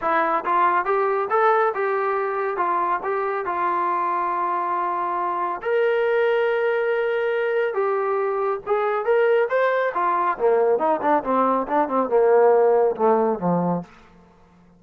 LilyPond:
\new Staff \with { instrumentName = "trombone" } { \time 4/4 \tempo 4 = 139 e'4 f'4 g'4 a'4 | g'2 f'4 g'4 | f'1~ | f'4 ais'2.~ |
ais'2 g'2 | gis'4 ais'4 c''4 f'4 | ais4 dis'8 d'8 c'4 d'8 c'8 | ais2 a4 f4 | }